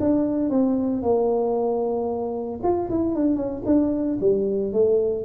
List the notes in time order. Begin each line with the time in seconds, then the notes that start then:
0.00 D4
0.50 C4
1.03 A#3
2.63 F4
2.90 E4
3.15 D4
3.36 C#4
3.66 D4
4.20 G3
4.73 A3